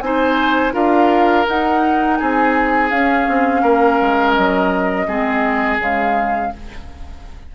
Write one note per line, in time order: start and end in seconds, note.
0.00 0.72 C4
0.00 0.72 D#4
0.00 0.73 C5
0.00 0.72 G#5
0.72 1.46 D4
0.72 1.44 F4
0.72 2.18 A#4
0.72 1.46 F5
1.46 2.91 D#4
1.46 2.20 D#4
1.46 2.16 F#5
2.16 2.91 C4
2.16 3.62 G#4
2.16 2.88 G#5
2.89 3.27 C#4
2.89 5.08 C#4
2.89 4.33 F5
3.28 3.62 C4
3.62 3.98 A#3
3.62 5.06 A#4
4.01 4.37 G#3
4.33 5.07 F#3
4.33 5.78 D#5
5.07 5.78 G#3
5.07 5.78 C4
5.07 6.52 G#4
5.78 6.51 C#3
5.78 6.51 G#3
5.78 6.55 F5